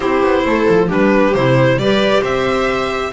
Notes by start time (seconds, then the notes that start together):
0.00 C4 E4 G4 C5
0.22 B3
0.45 A3 A4
0.69 F3
0.87 G3 D4 G4 B4
1.34 C3 E4 C5
1.76 G3 G4 B4 D5
2.22 C4 C5 E5